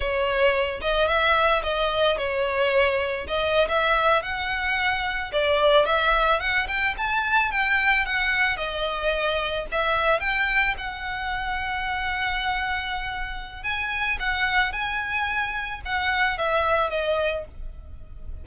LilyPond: \new Staff \with { instrumentName = "violin" } { \time 4/4 \tempo 4 = 110 cis''4. dis''8 e''4 dis''4 | cis''2 dis''8. e''4 fis''16~ | fis''4.~ fis''16 d''4 e''4 fis''16~ | fis''16 g''8 a''4 g''4 fis''4 dis''16~ |
dis''4.~ dis''16 e''4 g''4 fis''16~ | fis''1~ | fis''4 gis''4 fis''4 gis''4~ | gis''4 fis''4 e''4 dis''4 | }